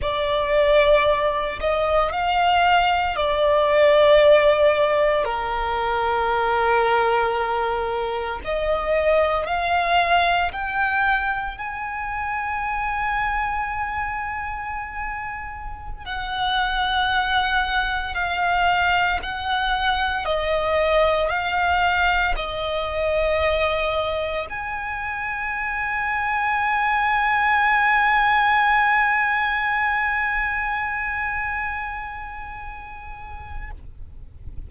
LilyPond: \new Staff \with { instrumentName = "violin" } { \time 4/4 \tempo 4 = 57 d''4. dis''8 f''4 d''4~ | d''4 ais'2. | dis''4 f''4 g''4 gis''4~ | gis''2.~ gis''16 fis''8.~ |
fis''4~ fis''16 f''4 fis''4 dis''8.~ | dis''16 f''4 dis''2 gis''8.~ | gis''1~ | gis''1 | }